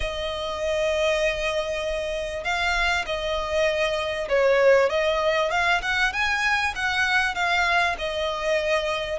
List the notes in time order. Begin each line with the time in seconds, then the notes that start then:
0.00 D#5
2.44 F5
3.06 D#5
4.29 C#5
4.89 D#5
5.50 F5
5.82 F#5
6.13 G#5
6.75 F#5
7.35 F5
7.98 D#5